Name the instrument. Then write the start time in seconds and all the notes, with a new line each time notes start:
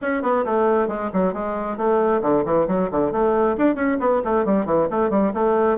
bassoon
0.01 C#4
0.22 B3
0.45 A3
0.88 G#3
1.13 F#3
1.33 G#3
1.77 A3
2.22 D3
2.45 E3
2.67 F#3
2.91 D3
3.12 A3
3.57 D4
3.75 C#4
3.99 B3
4.24 A3
4.45 G3
4.65 E3
4.90 A3
5.10 G3
5.33 A3